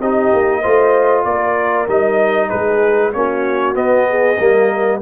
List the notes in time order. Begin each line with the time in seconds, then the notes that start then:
0.00 C4 D#4 G4 D#5
0.33 A#3
0.61 A3 F4 C5
1.24 A#3 A#4 D5
1.88 G3 D#4 D#5
2.49 G#3 G#4 B4
3.12 A#3 C#4 F#4 C#5
3.74 B3 D#5
4.08 G#4
4.38 G3 A#3 A#4